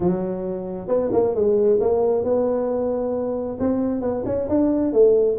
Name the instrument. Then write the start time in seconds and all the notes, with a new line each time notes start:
tuba
0.00 F#3
0.88 B3
1.12 A#3
1.34 G#3
1.80 A#3
2.23 B3
3.59 C4
4.01 B3
4.25 C#4
4.48 D4
4.92 A3